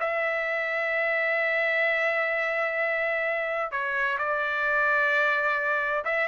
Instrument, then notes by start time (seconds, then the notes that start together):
trumpet
0.00 E5
3.72 C#5
4.18 D5
6.05 E5